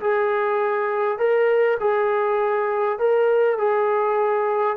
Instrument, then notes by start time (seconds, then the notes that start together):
trombone
0.00 G#4
1.18 A#4
1.80 G#4
2.98 A#4
3.58 G#4